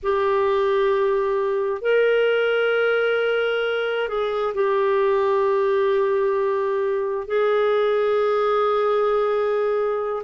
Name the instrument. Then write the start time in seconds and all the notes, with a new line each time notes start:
clarinet
0.02 G4
1.81 A#4
4.08 G#4
4.54 G4
7.27 G#4